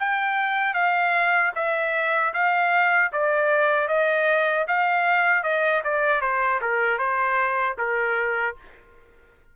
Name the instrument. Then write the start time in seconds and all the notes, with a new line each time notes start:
trumpet
0.00 G5
0.74 F5
1.56 E5
2.34 F5
3.13 D5
3.89 D#5
4.68 F5
5.44 D#5
5.84 D5
6.22 C5
6.62 A#4
6.99 C5
7.79 A#4